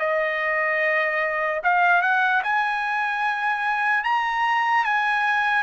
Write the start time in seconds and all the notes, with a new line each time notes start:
0.00 D#5
1.64 F5
2.02 F#5
2.44 G#5
4.04 A#5
4.85 G#5